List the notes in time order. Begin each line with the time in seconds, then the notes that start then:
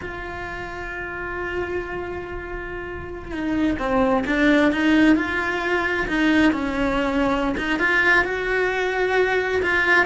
0.01 F4
3.31 D#4
3.78 C4
4.26 D4
4.72 D#4
5.15 F4
6.07 D#4
6.52 C#4
7.57 D#4
7.79 F4
8.24 F#4
9.62 F4